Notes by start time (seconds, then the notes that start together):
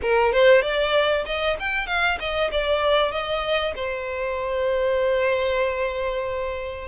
0.01 A#4
0.32 C5
0.62 D5
1.25 D#5
1.59 G5
1.87 F5
2.19 D#5
2.51 D5
3.11 D#5
3.75 C5